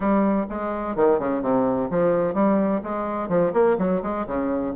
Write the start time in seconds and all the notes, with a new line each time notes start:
0.00 G3
0.49 G#3
0.96 D#3
1.19 C#3
1.42 C3
1.90 F3
2.34 G3
2.83 G#3
3.29 F3
3.53 A#3
3.78 F#3
4.02 G#3
4.26 C#3